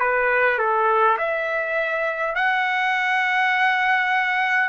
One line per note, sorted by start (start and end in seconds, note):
0.00 0.58 B4
0.58 1.17 A4
1.18 2.35 E5
2.35 4.69 F#5